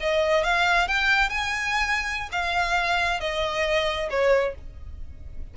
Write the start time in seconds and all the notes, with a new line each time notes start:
0.00 D#5
0.43 F5
0.87 G5
1.29 G#5
2.32 F5
3.20 D#5
4.10 C#5